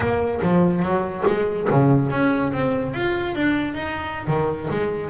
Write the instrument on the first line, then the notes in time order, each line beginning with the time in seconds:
double bass
0.00 A#3
0.41 F3
0.82 F#3
1.27 G#3
1.69 C#3
2.10 C#4
2.52 C4
2.93 F4
3.35 D4
3.74 D#4
4.27 D#3
4.70 G#3